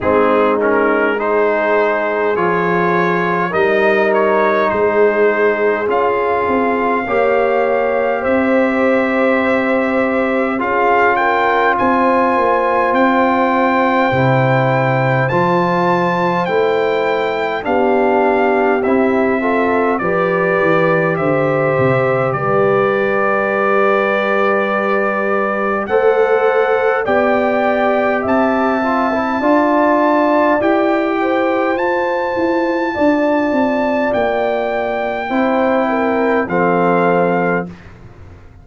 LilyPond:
<<
  \new Staff \with { instrumentName = "trumpet" } { \time 4/4 \tempo 4 = 51 gis'8 ais'8 c''4 cis''4 dis''8 cis''8 | c''4 f''2 e''4~ | e''4 f''8 g''8 gis''4 g''4~ | g''4 a''4 g''4 f''4 |
e''4 d''4 e''4 d''4~ | d''2 fis''4 g''4 | a''2 g''4 a''4~ | a''4 g''2 f''4 | }
  \new Staff \with { instrumentName = "horn" } { \time 4/4 dis'4 gis'2 ais'4 | gis'2 cis''4 c''4~ | c''4 gis'8 ais'8 c''2~ | c''2. g'4~ |
g'8 a'8 b'4 c''4 b'4~ | b'2 c''4 d''4 | e''4 d''4. c''4. | d''2 c''8 ais'8 a'4 | }
  \new Staff \with { instrumentName = "trombone" } { \time 4/4 c'8 cis'8 dis'4 f'4 dis'4~ | dis'4 f'4 g'2~ | g'4 f'2. | e'4 f'4 e'4 d'4 |
e'8 f'8 g'2.~ | g'2 a'4 g'4~ | g'8 f'16 e'16 f'4 g'4 f'4~ | f'2 e'4 c'4 | }
  \new Staff \with { instrumentName = "tuba" } { \time 4/4 gis2 f4 g4 | gis4 cis'8 c'8 ais4 c'4~ | c'4 cis'4 c'8 ais8 c'4 | c4 f4 a4 b4 |
c'4 f8 e8 d8 c8 g4~ | g2 a4 b4 | c'4 d'4 e'4 f'8 e'8 | d'8 c'8 ais4 c'4 f4 | }
>>